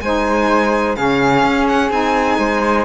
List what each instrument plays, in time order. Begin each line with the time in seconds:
0.00 cello G#3, saxophone D#4, flute C5, violin G#5
0.95 cello C#3, saxophone C#4, flute G#4, violin F5
1.42 cello C#4
1.67 violin F#5
1.90 cello C4, saxophone D#4, violin G#5
2.38 cello G#3, flute C5